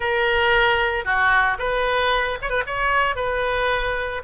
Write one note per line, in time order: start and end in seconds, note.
0.00 1.04 A#4
1.04 1.57 F#4
1.58 2.38 B4
2.41 2.49 C#5
2.49 2.63 B4
2.66 3.15 C#5
3.15 4.22 B4